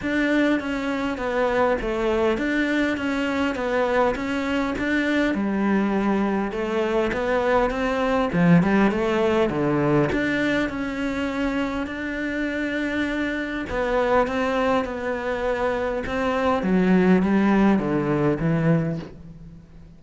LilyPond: \new Staff \with { instrumentName = "cello" } { \time 4/4 \tempo 4 = 101 d'4 cis'4 b4 a4 | d'4 cis'4 b4 cis'4 | d'4 g2 a4 | b4 c'4 f8 g8 a4 |
d4 d'4 cis'2 | d'2. b4 | c'4 b2 c'4 | fis4 g4 d4 e4 | }